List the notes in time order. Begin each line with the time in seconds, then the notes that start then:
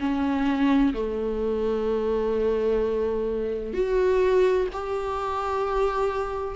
0.00 C#4
0.94 A3
3.74 F#4
4.73 G4